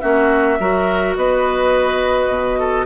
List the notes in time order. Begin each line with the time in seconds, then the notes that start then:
0.00 A#3 C#4 F#4 E5
0.59 F#3 F#4 A#4
1.16 B3 B4 D#5
2.28 B2
2.59 A4